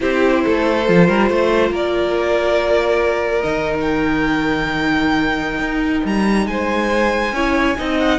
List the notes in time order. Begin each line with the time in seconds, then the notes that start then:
0.00 C4 E4 G4 C5
0.44 A3 A4
0.86 F3 F4
1.07 G3 A#4
1.30 A3 C5
1.70 A#3 A#4 D5
3.42 D#3 D#4 D#5
3.80 G5
5.59 D#4
6.04 G3 A#5
6.46 G#3 C5 G#5
7.32 C#4 E4 C#5
7.77 C4 D#4 D#5
7.98 F#5